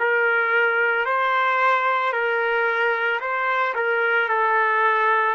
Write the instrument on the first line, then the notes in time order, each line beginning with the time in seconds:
trumpet
0.00 A#4
1.06 C5
2.13 A#4
3.20 C5
3.75 A#4
4.29 A4